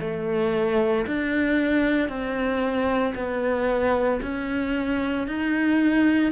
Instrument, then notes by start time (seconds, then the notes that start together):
cello
0.00 A3
1.06 D4
2.08 C4
3.15 B3
4.22 C#4
5.27 D#4